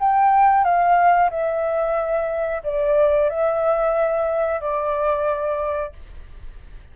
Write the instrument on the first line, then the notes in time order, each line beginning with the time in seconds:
flute
0.00 G5
0.64 F5
1.30 E5
2.64 D5
3.30 E5
4.61 D5